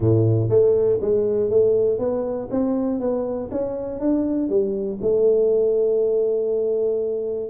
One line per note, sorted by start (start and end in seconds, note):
0.00 0.49 A2
0.49 0.99 A3
1.01 1.50 G#3
1.50 1.98 A3
1.98 2.48 B3
2.50 3.00 C4
3.00 3.50 B3
3.51 4.00 C#4
4.00 4.49 D4
4.49 4.99 G3
5.01 7.49 A3